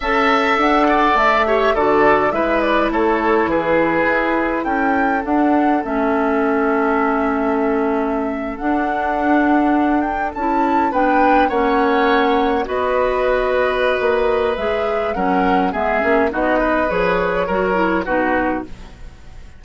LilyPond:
<<
  \new Staff \with { instrumentName = "flute" } { \time 4/4 \tempo 4 = 103 a''4 fis''4 e''4 d''4 | e''8 d''8 cis''4 b'2 | g''4 fis''4 e''2~ | e''2~ e''8. fis''4~ fis''16~ |
fis''4~ fis''16 g''8 a''4 g''4 fis''16~ | fis''4.~ fis''16 dis''2~ dis''16~ | dis''4 e''4 fis''4 e''4 | dis''4 cis''2 b'4 | }
  \new Staff \with { instrumentName = "oboe" } { \time 4/4 e''4. d''4 cis''8 a'4 | b'4 a'4 gis'2 | a'1~ | a'1~ |
a'2~ a'8. b'4 cis''16~ | cis''4.~ cis''16 b'2~ b'16~ | b'2 ais'4 gis'4 | fis'8 b'4. ais'4 fis'4 | }
  \new Staff \with { instrumentName = "clarinet" } { \time 4/4 a'2~ a'8 g'8 fis'4 | e'1~ | e'4 d'4 cis'2~ | cis'2~ cis'8. d'4~ d'16~ |
d'4.~ d'16 e'4 d'4 cis'16~ | cis'4.~ cis'16 fis'2~ fis'16~ | fis'4 gis'4 cis'4 b8 cis'8 | dis'4 gis'4 fis'8 e'8 dis'4 | }
  \new Staff \with { instrumentName = "bassoon" } { \time 4/4 cis'4 d'4 a4 d4 | gis4 a4 e4 e'4 | cis'4 d'4 a2~ | a2~ a8. d'4~ d'16~ |
d'4.~ d'16 cis'4 b4 ais16~ | ais4.~ ais16 b2~ b16 | ais4 gis4 fis4 gis8 ais8 | b4 f4 fis4 b,4 | }
>>